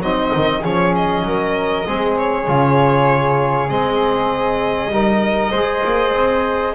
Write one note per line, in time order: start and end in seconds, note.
0.00 0.31 F#3
0.00 0.63 C4
0.00 0.61 D#4
0.00 0.63 D#5
0.35 0.64 D#3
0.61 1.22 F3
0.61 1.85 C#4
0.61 1.22 G#4
0.61 0.95 C#5
0.96 2.18 D#5
1.22 1.84 F#3
1.22 1.87 A#4
1.85 2.48 G#3
1.85 2.47 C4
1.85 4.93 G#4
2.18 3.70 C#5
2.47 3.70 C#3
2.47 3.69 F4
3.69 4.90 G#3
3.69 4.91 C4
3.69 6.75 D#5
4.90 5.51 G3
4.90 5.54 D#4
4.90 5.51 A#4
5.51 5.83 G#3
5.51 6.75 G#4
5.51 6.73 C5
5.85 6.13 A#3
6.13 6.74 C4